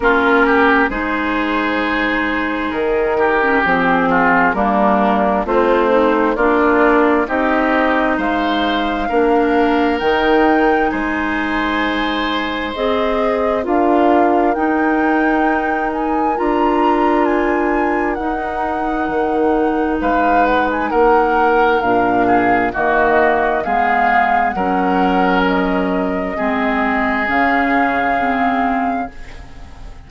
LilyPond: <<
  \new Staff \with { instrumentName = "flute" } { \time 4/4 \tempo 4 = 66 ais'4 c''2 ais'4 | gis'4 ais'4 c''4 d''4 | dis''4 f''2 g''4 | gis''2 dis''4 f''4 |
g''4. gis''8 ais''4 gis''4 | fis''2 f''8 fis''16 gis''16 fis''4 | f''4 dis''4 f''4 fis''4 | dis''2 f''2 | }
  \new Staff \with { instrumentName = "oboe" } { \time 4/4 f'8 g'8 gis'2~ gis'8 g'8~ | g'8 f'8 d'4 c'4 f'4 | g'4 c''4 ais'2 | c''2. ais'4~ |
ais'1~ | ais'2 b'4 ais'4~ | ais'8 gis'8 fis'4 gis'4 ais'4~ | ais'4 gis'2. | }
  \new Staff \with { instrumentName = "clarinet" } { \time 4/4 cis'4 dis'2~ dis'8. cis'16 | c'4 ais4 f'8 dis'8 d'4 | dis'2 d'4 dis'4~ | dis'2 gis'4 f'4 |
dis'2 f'2 | dis'1 | d'4 ais4 b4 cis'4~ | cis'4 c'4 cis'4 c'4 | }
  \new Staff \with { instrumentName = "bassoon" } { \time 4/4 ais4 gis2 dis4 | f4 g4 a4 ais4 | c'4 gis4 ais4 dis4 | gis2 c'4 d'4 |
dis'2 d'2 | dis'4 dis4 gis4 ais4 | ais,4 dis4 gis4 fis4~ | fis4 gis4 cis2 | }
>>